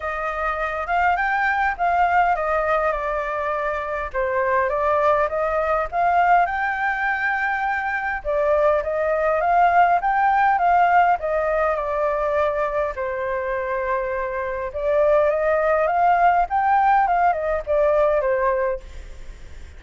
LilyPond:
\new Staff \with { instrumentName = "flute" } { \time 4/4 \tempo 4 = 102 dis''4. f''8 g''4 f''4 | dis''4 d''2 c''4 | d''4 dis''4 f''4 g''4~ | g''2 d''4 dis''4 |
f''4 g''4 f''4 dis''4 | d''2 c''2~ | c''4 d''4 dis''4 f''4 | g''4 f''8 dis''8 d''4 c''4 | }